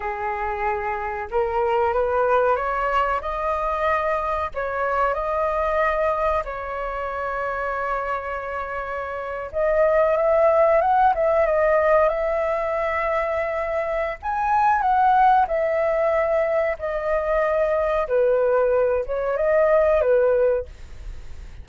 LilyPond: \new Staff \with { instrumentName = "flute" } { \time 4/4 \tempo 4 = 93 gis'2 ais'4 b'4 | cis''4 dis''2 cis''4 | dis''2 cis''2~ | cis''2~ cis''8. dis''4 e''16~ |
e''8. fis''8 e''8 dis''4 e''4~ e''16~ | e''2 gis''4 fis''4 | e''2 dis''2 | b'4. cis''8 dis''4 b'4 | }